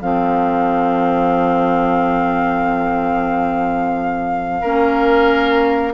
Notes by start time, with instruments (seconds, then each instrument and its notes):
0.00 bassoon F3, clarinet C4, oboe A4, flute F5
4.61 bassoon A#3, clarinet C#4, oboe A#4